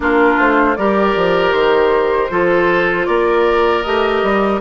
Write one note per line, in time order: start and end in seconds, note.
0.00 0.36 A#3
0.00 0.76 D4
0.00 0.77 F4
0.00 0.39 A#4
0.39 0.77 A3
0.39 0.75 C5
0.75 1.16 G3
0.75 2.30 G4
0.75 2.31 A#4
0.75 1.52 D5
1.16 1.52 F3
1.52 2.29 D#3
1.52 3.05 C5
2.30 3.07 F3
2.30 3.84 F4
2.30 3.07 A4
3.05 3.84 A#3
3.05 4.60 A#4
3.05 3.82 D5
3.82 4.22 A3
3.82 4.60 G4
3.82 4.59 D#5
4.22 4.60 G3